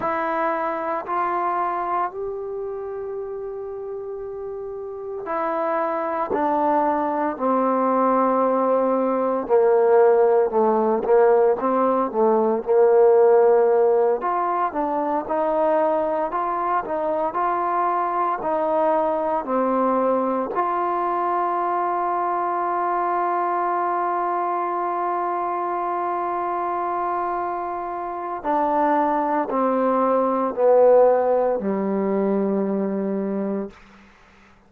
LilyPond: \new Staff \with { instrumentName = "trombone" } { \time 4/4 \tempo 4 = 57 e'4 f'4 g'2~ | g'4 e'4 d'4 c'4~ | c'4 ais4 a8 ais8 c'8 a8 | ais4. f'8 d'8 dis'4 f'8 |
dis'8 f'4 dis'4 c'4 f'8~ | f'1~ | f'2. d'4 | c'4 b4 g2 | }